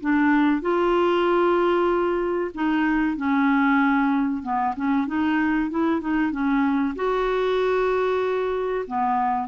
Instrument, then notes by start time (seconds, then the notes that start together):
clarinet
0.00 D4
0.61 F4
2.54 D#4
3.17 C#4
4.42 B3
4.76 C#4
5.07 D#4
5.70 E4
6.01 D#4
6.32 C#4
6.95 F#4
8.87 B3